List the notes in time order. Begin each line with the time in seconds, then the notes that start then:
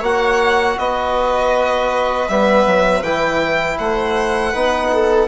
0.00 A#3 F#4 C#5 F#5
0.78 B3 B4 D#5
2.29 G3 B3 E5
2.66 F#3
3.02 E3 E4 G5
3.78 A3 C5 F#5
4.52 B3 D#4 B4
4.93 A4